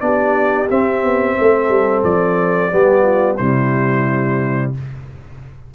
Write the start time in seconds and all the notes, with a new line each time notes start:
0.00 B3 D4 G4 D5
0.69 C4 E5
1.03 B3
1.38 A3 A4
1.69 G3
2.03 F3 D5
2.71 G3 B3 G4
3.02 F4
3.36 C3 G3 E4 C5